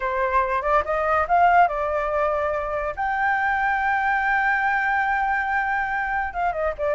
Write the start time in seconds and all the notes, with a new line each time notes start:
0.00 C5
0.61 D5
0.84 D#5
1.28 F5
1.68 D5
2.96 G5
6.33 F5
6.52 D#5
6.78 D5